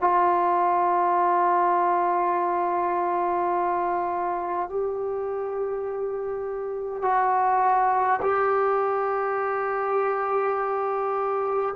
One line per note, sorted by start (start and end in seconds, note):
0.00 4.69 F4
4.69 7.02 G4
7.02 8.20 F#4
8.22 11.75 G4